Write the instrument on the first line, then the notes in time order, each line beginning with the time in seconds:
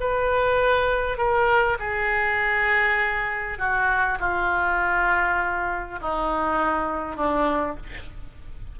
oboe
0.00 B4
1.18 A#4
1.79 G#4
3.58 F#4
4.19 F4
6.01 D#4
7.16 D4